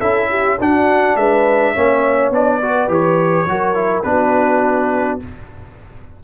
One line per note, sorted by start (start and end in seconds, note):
0.00 0.59 C#4
0.00 0.59 E4
0.00 0.29 A4
0.00 0.58 E5
0.30 0.59 G4
0.60 1.16 D4
0.60 1.75 D4
0.60 1.18 F#4
0.60 1.17 F#5
1.16 1.74 G#3
1.16 1.73 B4
1.16 2.32 E5
1.73 2.31 A#3
1.73 2.33 C#4
1.73 2.60 C#5
2.31 2.89 B3
2.31 2.61 D4
2.31 2.91 D5
2.62 2.89 F#4
2.62 3.48 B4
2.89 3.47 E3
2.89 3.46 G4
2.89 4.03 C#5
3.47 4.04 F#3
3.47 3.75 F#4
3.47 4.09 A#4
3.75 4.04 E4
4.03 5.20 B3
4.03 5.20 D4
4.03 5.24 F#4
4.03 5.19 B4